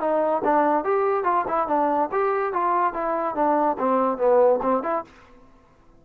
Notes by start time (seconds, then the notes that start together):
0.00 D#4
0.44 D4
0.84 G4
1.24 F4
1.47 E4
1.67 D4
2.11 G4
2.53 F4
2.93 E4
3.35 D4
3.78 C4
4.17 B3
4.62 C4
4.83 E4